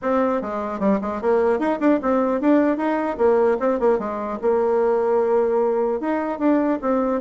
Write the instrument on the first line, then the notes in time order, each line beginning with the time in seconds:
bassoon
0.01 C4
0.41 G#3
0.79 G3
1.01 G#3
1.21 A#3
1.59 D#4
1.79 D4
2.01 C4
2.41 D4
2.77 D#4
3.17 A#3
3.59 C4
3.79 A#3
3.98 G#3
4.41 A#3
6.00 D#4
6.38 D4
6.81 C4